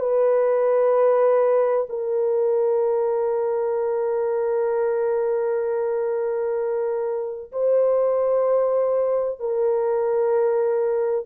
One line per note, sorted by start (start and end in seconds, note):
0.00 1.87 B4
1.90 7.52 A#4
7.53 9.40 C5
9.40 11.26 A#4